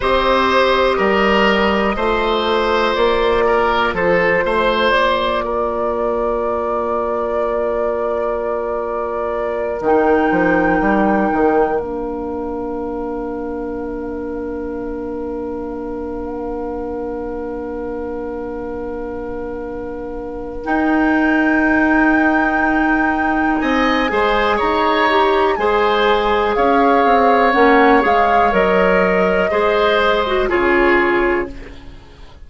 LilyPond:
<<
  \new Staff \with { instrumentName = "flute" } { \time 4/4 \tempo 4 = 61 dis''2. d''4 | c''4 d''2.~ | d''2 g''2 | f''1~ |
f''1~ | f''4 g''2. | gis''4 ais''4 gis''4 f''4 | fis''8 f''8 dis''2 cis''4 | }
  \new Staff \with { instrumentName = "oboe" } { \time 4/4 c''4 ais'4 c''4. ais'8 | a'8 c''4 ais'2~ ais'8~ | ais'1~ | ais'1~ |
ais'1~ | ais'1 | dis''8 c''8 cis''4 c''4 cis''4~ | cis''2 c''4 gis'4 | }
  \new Staff \with { instrumentName = "clarinet" } { \time 4/4 g'2 f'2~ | f'1~ | f'2 dis'2 | d'1~ |
d'1~ | d'4 dis'2.~ | dis'8 gis'4 g'8 gis'2 | cis'8 gis'8 ais'4 gis'8. fis'16 f'4 | }
  \new Staff \with { instrumentName = "bassoon" } { \time 4/4 c'4 g4 a4 ais4 | f8 a8 ais2.~ | ais2 dis8 f8 g8 dis8 | ais1~ |
ais1~ | ais4 dis'2. | c'8 gis8 dis'4 gis4 cis'8 c'8 | ais8 gis8 fis4 gis4 cis4 | }
>>